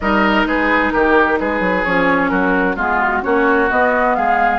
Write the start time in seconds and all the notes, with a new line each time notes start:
0.00 G3 D#4 A#4 D#5
0.45 G#3 G#4 B4
0.90 D#3 G4 A#4
1.39 G#3 G#4 B4
1.60 F#3
1.84 F3 C#4 C#5
2.29 F#3 F#4 A#4
2.76 G#3 B3 F4 G#4
3.01 F#4
3.22 A#3 C#4 F#4 C#5
3.70 B3 D#5
4.15 G#3 G#4 F5